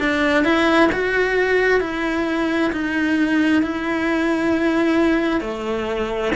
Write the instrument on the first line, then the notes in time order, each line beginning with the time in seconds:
cello
0.00 D4
0.45 E4
0.93 F#4
1.81 E4
2.73 D#4
3.63 E4
5.41 A3